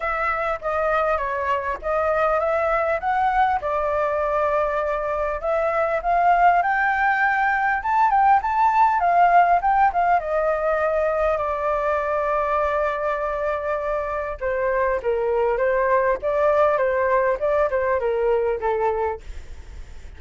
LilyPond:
\new Staff \with { instrumentName = "flute" } { \time 4/4 \tempo 4 = 100 e''4 dis''4 cis''4 dis''4 | e''4 fis''4 d''2~ | d''4 e''4 f''4 g''4~ | g''4 a''8 g''8 a''4 f''4 |
g''8 f''8 dis''2 d''4~ | d''1 | c''4 ais'4 c''4 d''4 | c''4 d''8 c''8 ais'4 a'4 | }